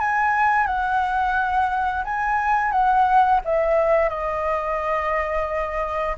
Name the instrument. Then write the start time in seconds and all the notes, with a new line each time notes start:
flute
0.00 G#5
0.66 F#5
2.04 G#5
2.71 F#5
3.45 E5
4.09 D#5